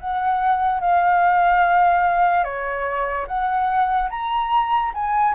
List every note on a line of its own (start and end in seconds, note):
0.00 0.81 F#5
0.81 2.44 F5
2.44 3.26 C#5
3.27 4.09 F#5
4.10 4.92 A#5
4.94 5.35 G#5